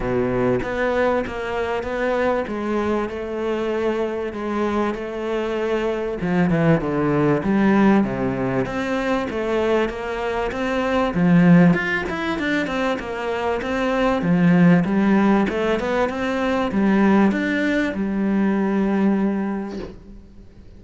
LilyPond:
\new Staff \with { instrumentName = "cello" } { \time 4/4 \tempo 4 = 97 b,4 b4 ais4 b4 | gis4 a2 gis4 | a2 f8 e8 d4 | g4 c4 c'4 a4 |
ais4 c'4 f4 f'8 e'8 | d'8 c'8 ais4 c'4 f4 | g4 a8 b8 c'4 g4 | d'4 g2. | }